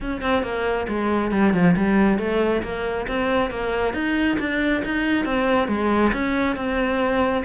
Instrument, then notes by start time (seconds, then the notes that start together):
cello
0.01 C#4
0.21 C4
0.42 A#3
0.88 G#3
1.31 G3
1.53 F3
1.76 G3
2.18 A3
2.63 A#3
3.07 C4
3.50 A#3
3.93 D#4
4.39 D4
4.85 D#4
5.25 C4
5.68 G#3
6.12 C#4
6.56 C4